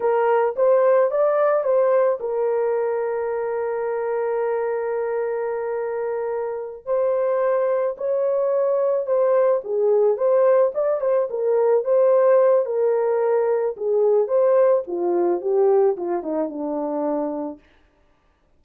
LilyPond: \new Staff \with { instrumentName = "horn" } { \time 4/4 \tempo 4 = 109 ais'4 c''4 d''4 c''4 | ais'1~ | ais'1~ | ais'8 c''2 cis''4.~ |
cis''8 c''4 gis'4 c''4 d''8 | c''8 ais'4 c''4. ais'4~ | ais'4 gis'4 c''4 f'4 | g'4 f'8 dis'8 d'2 | }